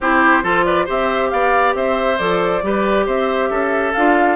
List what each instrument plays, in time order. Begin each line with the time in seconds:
0.00 bassoon C4, clarinet E4, oboe G4, flute C5
0.43 bassoon F3, clarinet F4, oboe A4
0.64 oboe B4, flute D5
0.85 bassoon C4, clarinet G4, oboe C5, flute E5
1.29 bassoon B3, oboe D5, flute F5
1.75 bassoon C4, oboe C5, flute E5
2.18 bassoon F3, clarinet A4, flute D5
2.62 bassoon G3, clarinet G4, oboe B4
3.05 bassoon C4, oboe C5, flute E5
3.49 bassoon C#4, oboe A4
3.93 bassoon D4, clarinet F4, flute F5